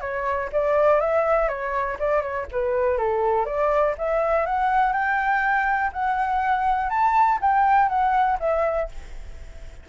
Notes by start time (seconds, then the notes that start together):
0.00 C#5
0.52 D5
1.00 E5
1.48 C#5
1.99 D5
2.21 C#5
2.51 B4
2.98 A4
3.45 D5
3.97 E5
4.46 F#5
4.93 G5
5.92 F#5
6.89 A5
7.41 G5
7.88 F#5
8.39 E5